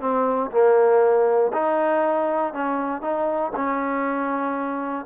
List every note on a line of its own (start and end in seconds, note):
0.00 0.50 C4
0.51 1.52 A#3
1.53 2.53 D#4
2.53 3.01 C#4
3.01 3.52 D#4
3.56 5.06 C#4